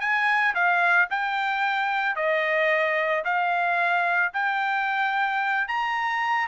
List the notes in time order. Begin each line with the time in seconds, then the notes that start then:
0.00 G#5
0.55 F5
1.10 G5
2.16 D#5
3.25 F5
4.33 G5
5.68 A#5